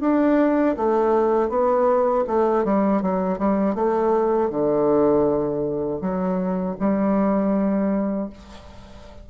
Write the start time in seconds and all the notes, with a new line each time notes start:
0.00 D4
0.76 A3
1.49 B3
2.27 A3
2.64 G3
3.02 F#3
3.38 G3
3.74 A3
4.50 D3
6.01 F#3
6.79 G3